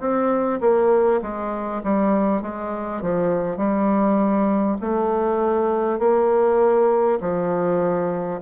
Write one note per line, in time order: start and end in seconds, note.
0.00 0.60 C4
0.61 1.21 A#3
1.22 1.82 G#3
1.84 2.42 G3
2.42 3.02 G#3
3.02 3.57 F3
3.57 4.77 G3
4.82 5.99 A3
5.99 7.19 A#3
7.21 8.41 F3